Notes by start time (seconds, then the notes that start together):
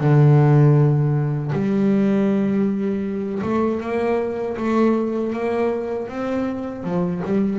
0.00 D3
1.53 G3
3.43 A3
3.81 A#3
4.57 A3
5.33 A#3
6.09 C4
6.85 F3
7.25 G3